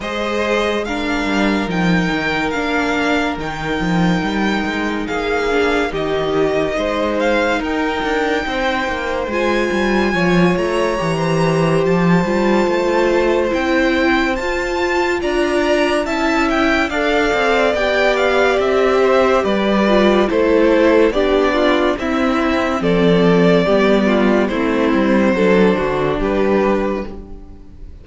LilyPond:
<<
  \new Staff \with { instrumentName = "violin" } { \time 4/4 \tempo 4 = 71 dis''4 f''4 g''4 f''4 | g''2 f''4 dis''4~ | dis''8 f''8 g''2 gis''4~ | gis''8 ais''4. a''2 |
g''4 a''4 ais''4 a''8 g''8 | f''4 g''8 f''8 e''4 d''4 | c''4 d''4 e''4 d''4~ | d''4 c''2 b'4 | }
  \new Staff \with { instrumentName = "violin" } { \time 4/4 c''4 ais'2.~ | ais'2 gis'4 g'4 | c''4 ais'4 c''2 | cis''4~ cis''16 c''2~ c''8.~ |
c''2 d''4 e''4 | d''2~ d''8 c''8 b'4 | a'4 g'8 f'8 e'4 a'4 | g'8 f'8 e'4 a'8 fis'8 g'4 | }
  \new Staff \with { instrumentName = "viola" } { \time 4/4 gis'4 d'4 dis'4 d'4 | dis'2~ dis'8 d'8 dis'4~ | dis'2. f'4~ | f'4 g'4. f'4. |
e'4 f'2 e'4 | a'4 g'2~ g'8 f'8 | e'4 d'4 c'2 | b4 c'4 d'2 | }
  \new Staff \with { instrumentName = "cello" } { \time 4/4 gis4. g8 f8 dis8 ais4 | dis8 f8 g8 gis8 ais4 dis4 | gis4 dis'8 d'8 c'8 ais8 gis8 g8 | f8 a8 e4 f8 g8 a4 |
c'4 f'4 d'4 cis'4 | d'8 c'8 b4 c'4 g4 | a4 b4 c'4 f4 | g4 a8 g8 fis8 d8 g4 | }
>>